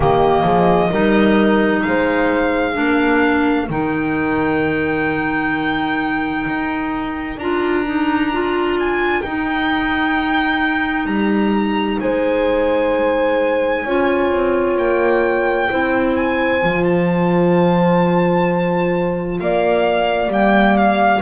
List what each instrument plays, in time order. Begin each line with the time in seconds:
0.00 double bass D#3, clarinet A#3, horn G4, violin D#5
0.43 double bass F3, horn G#4
0.90 double bass G3, clarinet D#4, horn A#4
1.82 double bass G#3, horn C5, violin F5
2.74 double bass A#3, clarinet D4, horn A#4
3.69 double bass D#3, clarinet D#4, violin G5
6.47 double bass D#4
7.37 double bass D4, clarinet F4, violin A#5
7.85 clarinet D#4
8.32 clarinet F4
8.79 violin G#5
9.22 double bass D#4, clarinet D#4, violin G5
11.05 double bass G3, violin A#5
12.00 double bass G#3, horn C5, violin G#5
13.84 double bass C#4, clarinet F4, horn C#5
14.31 double bass C4
14.77 double bass A#3, violin G5
15.69 double bass C4, clarinet E4, horn C5
16.16 violin G#5
16.61 double bass F3, clarinet F4
16.84 violin A5
19.39 double bass A#3, horn D5, violin F5
20.28 double bass G3, clarinet A#3, violin G5
20.77 violin F5